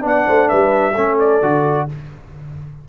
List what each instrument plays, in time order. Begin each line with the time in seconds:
0.00 tuba B3, trombone D4, horn D5
0.06 trumpet F#5
0.27 tuba A3, horn C5
0.49 tuba G3, horn B4, trumpet E5
0.94 tuba A3, trombone C#4, horn A4
1.20 trumpet D5
1.42 tuba D3, trombone F#4